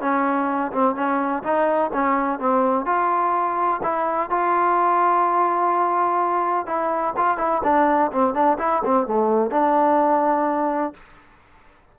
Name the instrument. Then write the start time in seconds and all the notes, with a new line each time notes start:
trombone
0.00 C#4
0.71 C4
0.95 C#4
1.43 D#4
1.93 C#4
2.39 C4
2.85 F4
3.82 E4
4.30 F4
6.66 E4
7.17 F4
7.37 E4
7.63 D4
8.11 C4
8.34 D4
8.58 E4
8.84 C4
9.06 A3
9.50 D4